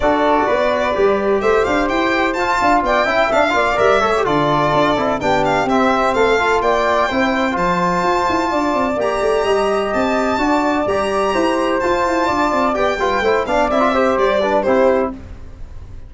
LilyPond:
<<
  \new Staff \with { instrumentName = "violin" } { \time 4/4 \tempo 4 = 127 d''2. e''8 f''8 | g''4 a''4 g''4 f''4 | e''4 d''2 g''8 f''8 | e''4 f''4 g''2 |
a''2. ais''4~ | ais''4 a''2 ais''4~ | ais''4 a''2 g''4~ | g''8 f''8 e''4 d''4 c''4 | }
  \new Staff \with { instrumentName = "flute" } { \time 4/4 a'4 b'2 c''4~ | c''4. f''8 d''8 e''4 d''8~ | d''8 cis''8 a'2 g'4~ | g'4 a'4 d''4 c''4~ |
c''2 d''2 | dis''2 d''2 | c''2 d''4. b'8 | c''8 d''4 c''4 b'8 g'4 | }
  \new Staff \with { instrumentName = "trombone" } { \time 4/4 fis'2 g'2~ | g'4 f'4. e'8 d'8 f'8 | ais'8 a'16 g'16 f'4. e'8 d'4 | c'4. f'4. e'4 |
f'2. g'4~ | g'2 fis'4 g'4~ | g'4 f'2 g'8 f'8 | e'8 d'8 e'16 f'16 g'4 d'8 e'4 | }
  \new Staff \with { instrumentName = "tuba" } { \time 4/4 d'4 b4 g4 a8 d'8 | e'4 f'8 d'8 b8 cis'8 d'8 ais8 | g8 a8 d4 d'8 c'8 b4 | c'4 a4 ais4 c'4 |
f4 f'8 e'8 d'8 c'8 ais8 a8 | g4 c'4 d'4 g4 | e'4 f'8 e'8 d'8 c'8 b8 g8 | a8 b8 c'4 g4 c'4 | }
>>